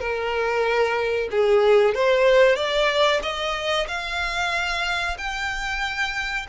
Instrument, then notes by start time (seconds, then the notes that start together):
violin
0.00 A#4
1.31 G#4
1.95 C5
2.56 D5
3.23 D#5
3.88 F5
5.18 G5